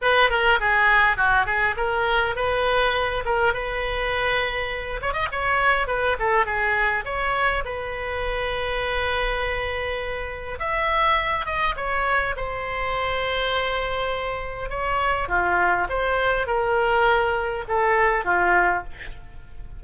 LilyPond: \new Staff \with { instrumentName = "oboe" } { \time 4/4 \tempo 4 = 102 b'8 ais'8 gis'4 fis'8 gis'8 ais'4 | b'4. ais'8 b'2~ | b'8 cis''16 dis''16 cis''4 b'8 a'8 gis'4 | cis''4 b'2.~ |
b'2 e''4. dis''8 | cis''4 c''2.~ | c''4 cis''4 f'4 c''4 | ais'2 a'4 f'4 | }